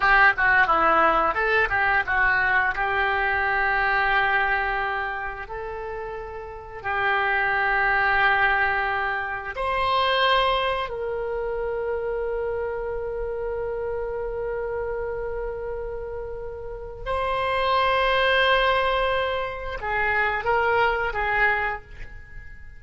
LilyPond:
\new Staff \with { instrumentName = "oboe" } { \time 4/4 \tempo 4 = 88 g'8 fis'8 e'4 a'8 g'8 fis'4 | g'1 | a'2 g'2~ | g'2 c''2 |
ais'1~ | ais'1~ | ais'4 c''2.~ | c''4 gis'4 ais'4 gis'4 | }